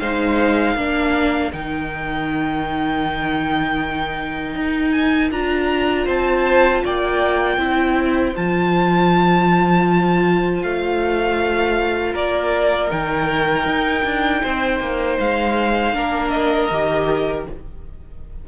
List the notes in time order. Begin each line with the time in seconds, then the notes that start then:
0.00 G#3 D#4 C5 F5
0.75 A#3 D4 A#4
1.53 D#3 D#4 G5
4.55 D#4
4.92 G#5
5.31 D4 F4 A#5
6.05 C4 C5 A5
6.84 A#3 D5 G5
7.58 C4 E4 C5
8.36 F3 F4 A5
10.63 A3 F5
12.14 A#3 A#4 D5
12.90 D#3 D#4 G5
13.66 D#4
14.05 D4
14.43 C4 C5
14.80 A#3
15.20 G#3 F5
15.94 A#3 D4 A#4
16.30 D#5
16.71 D#3 G4